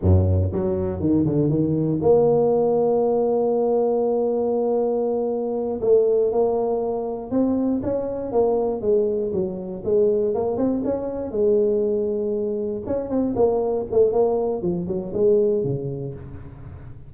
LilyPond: \new Staff \with { instrumentName = "tuba" } { \time 4/4 \tempo 4 = 119 fis,4 fis4 dis8 d8 dis4 | ais1~ | ais2.~ ais8 a8~ | a8 ais2 c'4 cis'8~ |
cis'8 ais4 gis4 fis4 gis8~ | gis8 ais8 c'8 cis'4 gis4.~ | gis4. cis'8 c'8 ais4 a8 | ais4 f8 fis8 gis4 cis4 | }